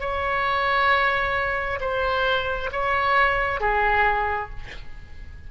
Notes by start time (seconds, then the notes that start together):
0.00 C#5
1.80 C5
2.72 C#5
3.61 G#4